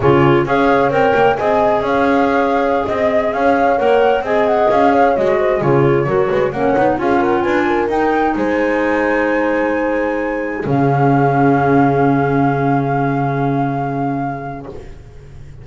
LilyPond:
<<
  \new Staff \with { instrumentName = "flute" } { \time 4/4 \tempo 4 = 131 cis''4 f''4 g''4 gis''4 | f''2~ f''16 dis''4 f''8.~ | f''16 fis''4 gis''8 fis''8 f''4 dis''8.~ | dis''16 cis''2 fis''4 f''8 fis''16~ |
fis''16 gis''4 g''4 gis''4.~ gis''16~ | gis''2.~ gis''16 f''8.~ | f''1~ | f''1 | }
  \new Staff \with { instrumentName = "horn" } { \time 4/4 gis'4 cis''2 dis''4 | cis''2~ cis''16 dis''4 cis''8.~ | cis''4~ cis''16 dis''4. cis''4 c''16~ | c''16 gis'4 ais'8 b'8 cis''4 gis'8 ais'16~ |
ais'16 b'8 ais'4. c''4.~ c''16~ | c''2.~ c''16 gis'8.~ | gis'1~ | gis'1 | }
  \new Staff \with { instrumentName = "clarinet" } { \time 4/4 f'4 gis'4 ais'4 gis'4~ | gis'1~ | gis'16 ais'4 gis'2 fis'8.~ | fis'16 f'4 fis'4 cis'8 dis'8 f'8.~ |
f'4~ f'16 dis'2~ dis'8.~ | dis'2.~ dis'16 cis'8.~ | cis'1~ | cis'1 | }
  \new Staff \with { instrumentName = "double bass" } { \time 4/4 cis4 cis'4 c'8 ais8 c'4 | cis'2~ cis'16 c'4 cis'8.~ | cis'16 ais4 c'4 cis'4 gis8.~ | gis16 cis4 fis8 gis8 ais8 b8 cis'8.~ |
cis'16 d'4 dis'4 gis4.~ gis16~ | gis2.~ gis16 cis8.~ | cis1~ | cis1 | }
>>